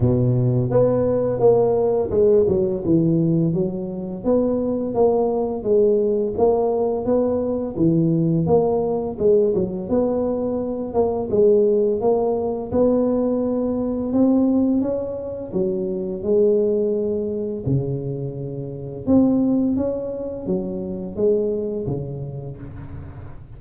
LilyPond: \new Staff \with { instrumentName = "tuba" } { \time 4/4 \tempo 4 = 85 b,4 b4 ais4 gis8 fis8 | e4 fis4 b4 ais4 | gis4 ais4 b4 e4 | ais4 gis8 fis8 b4. ais8 |
gis4 ais4 b2 | c'4 cis'4 fis4 gis4~ | gis4 cis2 c'4 | cis'4 fis4 gis4 cis4 | }